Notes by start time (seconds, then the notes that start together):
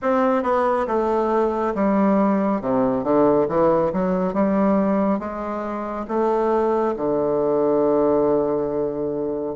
0.02 C4
0.43 B3
0.87 A3
1.74 G3
2.61 C3
3.03 D3
3.48 E3
3.92 F#3
4.33 G3
5.19 G#3
6.08 A3
6.96 D3